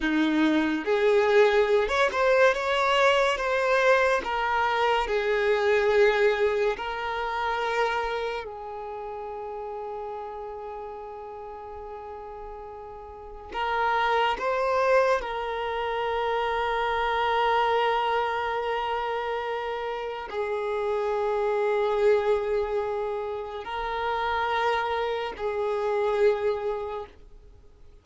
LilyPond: \new Staff \with { instrumentName = "violin" } { \time 4/4 \tempo 4 = 71 dis'4 gis'4~ gis'16 cis''16 c''8 cis''4 | c''4 ais'4 gis'2 | ais'2 gis'2~ | gis'1 |
ais'4 c''4 ais'2~ | ais'1 | gis'1 | ais'2 gis'2 | }